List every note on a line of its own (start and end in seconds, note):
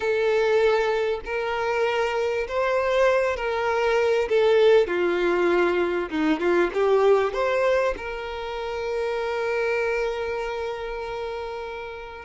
0.00 1.20 A4
1.24 2.47 A#4
2.48 3.36 C5
3.36 4.28 A#4
4.29 4.87 A4
4.87 6.09 F4
6.09 6.40 D#4
6.40 6.70 F4
6.73 7.33 G4
7.33 7.94 C5
7.97 12.25 A#4